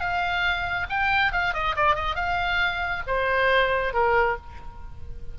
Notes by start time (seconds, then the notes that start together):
0.00 F5
0.90 G5
1.32 F5
1.54 D#5
1.76 D5
1.95 D#5
2.16 F5
3.07 C5
3.93 A#4